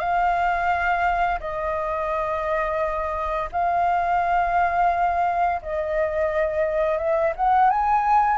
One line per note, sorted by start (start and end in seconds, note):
0.00 1.40 F5
1.40 3.50 D#5
3.52 5.62 F5
5.62 6.99 D#5
6.99 7.34 E5
7.36 7.71 F#5
7.71 8.38 G#5